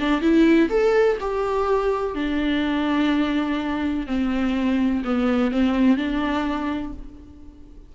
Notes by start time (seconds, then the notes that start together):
0.00 D4
0.21 E4
0.70 A4
1.21 G4
2.15 D4
4.07 C4
5.05 B3
5.52 C4
5.97 D4